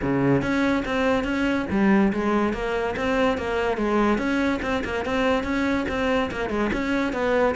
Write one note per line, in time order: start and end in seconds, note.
0.02 0.41 C#3
0.41 0.83 C#4
0.85 1.24 C4
1.24 1.66 C#4
1.70 2.12 G3
2.12 2.53 G#3
2.53 2.95 A#3
2.96 3.37 C4
3.37 3.77 A#3
3.77 4.18 G#3
4.18 4.60 C#4
4.62 4.83 C4
4.84 5.05 A#3
5.05 5.43 C4
5.43 5.85 C#4
5.88 6.30 C4
6.31 6.49 A#3
6.49 6.70 G#3
6.72 7.13 C#4
7.13 7.54 B3